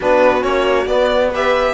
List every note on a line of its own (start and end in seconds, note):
0.00 0.44 B3
0.00 0.41 D4
0.00 1.31 F#4
0.00 0.43 B4
0.41 0.86 A#3
0.41 0.85 C#4
0.41 0.87 C#5
0.86 1.73 B3
0.86 1.33 B3
0.86 1.30 D5
1.31 1.73 G4
1.31 1.73 B4
1.31 1.73 E5